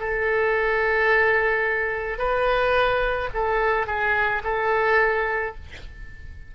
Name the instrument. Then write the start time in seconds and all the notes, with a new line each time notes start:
oboe
0.00 A4
2.18 B4
3.34 A4
3.87 G#4
4.44 A4